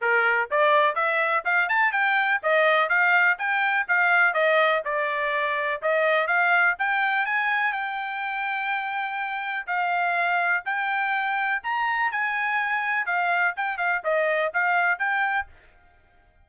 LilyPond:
\new Staff \with { instrumentName = "trumpet" } { \time 4/4 \tempo 4 = 124 ais'4 d''4 e''4 f''8 a''8 | g''4 dis''4 f''4 g''4 | f''4 dis''4 d''2 | dis''4 f''4 g''4 gis''4 |
g''1 | f''2 g''2 | ais''4 gis''2 f''4 | g''8 f''8 dis''4 f''4 g''4 | }